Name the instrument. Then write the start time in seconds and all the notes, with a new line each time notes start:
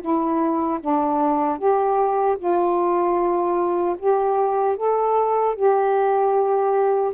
saxophone
0.00 E4
0.80 D4
1.58 G4
2.38 F4
3.98 G4
4.76 A4
5.55 G4